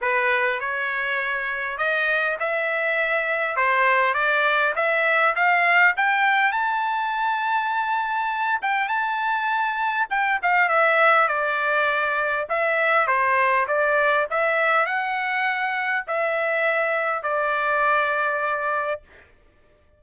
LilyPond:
\new Staff \with { instrumentName = "trumpet" } { \time 4/4 \tempo 4 = 101 b'4 cis''2 dis''4 | e''2 c''4 d''4 | e''4 f''4 g''4 a''4~ | a''2~ a''8 g''8 a''4~ |
a''4 g''8 f''8 e''4 d''4~ | d''4 e''4 c''4 d''4 | e''4 fis''2 e''4~ | e''4 d''2. | }